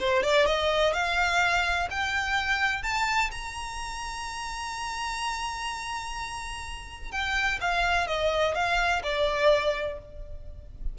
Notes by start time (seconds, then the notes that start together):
0.00 C5
0.23 D5
0.46 D#5
0.94 F5
1.90 G5
2.83 A5
3.32 A#5
7.12 G5
7.61 F5
8.07 D#5
8.55 F5
9.03 D5